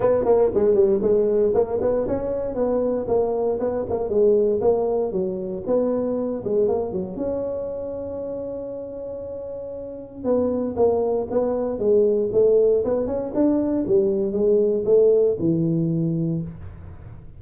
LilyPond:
\new Staff \with { instrumentName = "tuba" } { \time 4/4 \tempo 4 = 117 b8 ais8 gis8 g8 gis4 ais8 b8 | cis'4 b4 ais4 b8 ais8 | gis4 ais4 fis4 b4~ | b8 gis8 ais8 fis8 cis'2~ |
cis'1 | b4 ais4 b4 gis4 | a4 b8 cis'8 d'4 g4 | gis4 a4 e2 | }